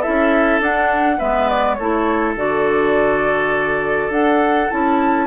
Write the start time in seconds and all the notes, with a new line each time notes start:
0.00 E4 A4 E5
0.08 C#4
0.60 D4 F#5
1.18 G#3 B3 B4 E5
1.49 D5
1.75 A3 A4 C#5
1.81 E4
2.36 D3 F#4 D5
4.10 D4 A4 F#5
4.71 C#4 E4 A5